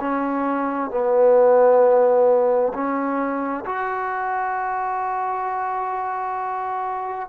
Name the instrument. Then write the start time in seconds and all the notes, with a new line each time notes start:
trombone
0.00 C#4
0.90 B3
2.74 C#4
3.65 F#4